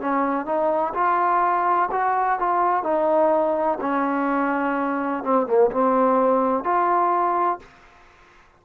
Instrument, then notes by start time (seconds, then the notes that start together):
trombone
0.00 C#4
0.45 D#4
0.94 F4
1.91 F#4
2.39 F4
2.83 D#4
3.81 C#4
5.23 C4
5.46 A#3
5.71 C4
6.64 F4